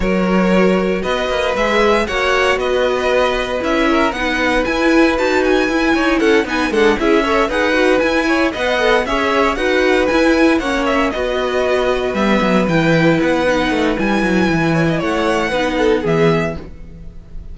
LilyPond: <<
  \new Staff \with { instrumentName = "violin" } { \time 4/4 \tempo 4 = 116 cis''2 dis''4 e''4 | fis''4 dis''2 e''4 | fis''4 gis''4 a''8 gis''4. | fis''8 gis''8 fis''8 e''4 fis''4 gis''8~ |
gis''8 fis''4 e''4 fis''4 gis''8~ | gis''8 fis''8 e''8 dis''2 e''8~ | e''8 g''4 fis''4. gis''4~ | gis''4 fis''2 e''4 | }
  \new Staff \with { instrumentName = "violin" } { \time 4/4 ais'2 b'2 | cis''4 b'2~ b'8 ais'8 | b'2.~ b'8 cis''8 | a'8 b'8 a'8 gis'8 cis''8 b'4. |
cis''8 dis''4 cis''4 b'4.~ | b'8 cis''4 b'2~ b'8~ | b'1~ | b'8 cis''16 dis''16 cis''4 b'8 a'8 gis'4 | }
  \new Staff \with { instrumentName = "viola" } { \time 4/4 fis'2. gis'4 | fis'2. e'4 | dis'4 e'4 fis'4 e'4~ | e'8 dis'8 d'8 e'8 a'8 gis'8 fis'8 e'8~ |
e'8 b'8 a'8 gis'4 fis'4 e'8~ | e'8 cis'4 fis'2 b8~ | b8 e'4. dis'4 e'4~ | e'2 dis'4 b4 | }
  \new Staff \with { instrumentName = "cello" } { \time 4/4 fis2 b8 ais8 gis4 | ais4 b2 cis'4 | b4 e'4 dis'4 e'8 dis'8 | cis'8 b8 gis8 cis'4 dis'4 e'8~ |
e'8 b4 cis'4 dis'4 e'8~ | e'8 ais4 b2 g8 | fis8 e4 b4 a8 g8 fis8 | e4 a4 b4 e4 | }
>>